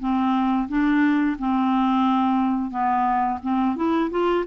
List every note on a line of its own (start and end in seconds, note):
0.00 0.68 C4
0.69 1.37 D4
1.39 2.71 C4
2.71 3.39 B3
3.43 3.76 C4
3.76 4.10 E4
4.11 4.45 F4